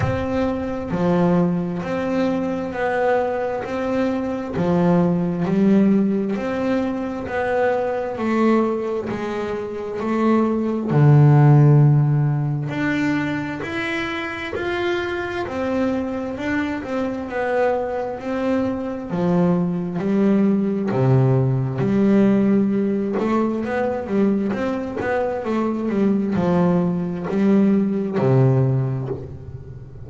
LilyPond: \new Staff \with { instrumentName = "double bass" } { \time 4/4 \tempo 4 = 66 c'4 f4 c'4 b4 | c'4 f4 g4 c'4 | b4 a4 gis4 a4 | d2 d'4 e'4 |
f'4 c'4 d'8 c'8 b4 | c'4 f4 g4 c4 | g4. a8 b8 g8 c'8 b8 | a8 g8 f4 g4 c4 | }